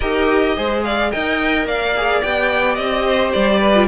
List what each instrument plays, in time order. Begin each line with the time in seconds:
0.00 cello D#4, viola G4, violin A#4 D#5
0.56 cello G#3, viola G#4, violin C5
0.84 violin D5 F5
1.11 cello D#4, viola A#4, violin D#5 G5
1.65 cello A#3, violin D5 F5
1.96 viola G#4
2.22 cello B3, viola G4, violin G5
2.74 cello C4, violin D#5
3.04 violin C5
3.32 cello G3, violin D5
3.59 violin B4
3.75 viola F4